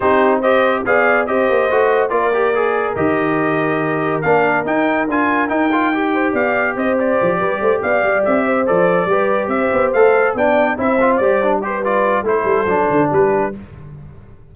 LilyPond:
<<
  \new Staff \with { instrumentName = "trumpet" } { \time 4/4 \tempo 4 = 142 c''4 dis''4 f''4 dis''4~ | dis''4 d''2 dis''4~ | dis''2 f''4 g''4 | gis''4 g''2 f''4 |
dis''8 d''2 f''4 e''8~ | e''8 d''2 e''4 f''8~ | f''8 g''4 e''4 d''4 c''8 | d''4 c''2 b'4 | }
  \new Staff \with { instrumentName = "horn" } { \time 4/4 g'4 c''4 d''4 c''4~ | c''4 ais'2.~ | ais'1~ | ais'2~ ais'8 c''8 d''4 |
c''4. b'8 c''8 d''4. | c''4. b'4 c''4.~ | c''8 d''4 c''2 b'8~ | b'4 a'2 g'4 | }
  \new Staff \with { instrumentName = "trombone" } { \time 4/4 dis'4 g'4 gis'4 g'4 | fis'4 f'8 g'8 gis'4 g'4~ | g'2 d'4 dis'4 | f'4 dis'8 f'8 g'2~ |
g'1~ | g'8 a'4 g'2 a'8~ | a'8 d'4 e'8 f'8 g'8 d'8 g'8 | f'4 e'4 d'2 | }
  \new Staff \with { instrumentName = "tuba" } { \time 4/4 c'2 b4 c'8 ais8 | a4 ais2 dis4~ | dis2 ais4 dis'4 | d'4 dis'2 b4 |
c'4 f8 g8 a8 b8 g8 c'8~ | c'8 f4 g4 c'8 b8 a8~ | a8 b4 c'4 g4.~ | g4 a8 g8 fis8 d8 g4 | }
>>